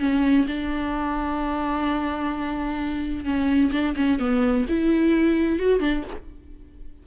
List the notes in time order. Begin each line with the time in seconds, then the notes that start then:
0.00 C#4
0.47 D4
3.25 C#4
3.72 D4
3.96 C#4
4.19 B3
4.69 E4
5.59 F#4
5.80 D4